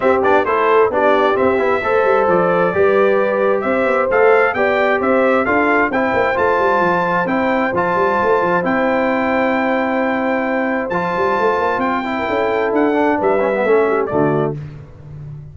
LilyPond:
<<
  \new Staff \with { instrumentName = "trumpet" } { \time 4/4 \tempo 4 = 132 e''8 d''8 c''4 d''4 e''4~ | e''4 d''2. | e''4 f''4 g''4 e''4 | f''4 g''4 a''2 |
g''4 a''2 g''4~ | g''1 | a''2 g''2 | fis''4 e''2 d''4 | }
  \new Staff \with { instrumentName = "horn" } { \time 4/4 g'4 a'4 g'2 | c''2 b'2 | c''2 d''4 c''4 | a'4 c''2.~ |
c''1~ | c''1~ | c''2~ c''8. ais'16 a'4~ | a'4 b'4 a'8 g'8 fis'4 | }
  \new Staff \with { instrumentName = "trombone" } { \time 4/4 c'8 d'8 e'4 d'4 c'8 e'8 | a'2 g'2~ | g'4 a'4 g'2 | f'4 e'4 f'2 |
e'4 f'2 e'4~ | e'1 | f'2~ f'8 e'4.~ | e'8 d'4 cis'16 b16 cis'4 a4 | }
  \new Staff \with { instrumentName = "tuba" } { \time 4/4 c'8 b8 a4 b4 c'8 b8 | a8 g8 f4 g2 | c'8 b8 a4 b4 c'4 | d'4 c'8 ais8 a8 g8 f4 |
c'4 f8 g8 a8 f8 c'4~ | c'1 | f8 g8 a8 ais8 c'4 cis'4 | d'4 g4 a4 d4 | }
>>